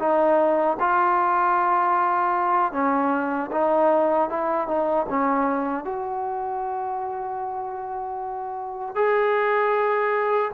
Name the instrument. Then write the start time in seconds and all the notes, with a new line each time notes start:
trombone
0.00 D#4
0.80 F4
2.73 C#4
3.52 D#4
4.30 E4
4.68 D#4
5.10 C#4
5.85 F#4
8.96 G#4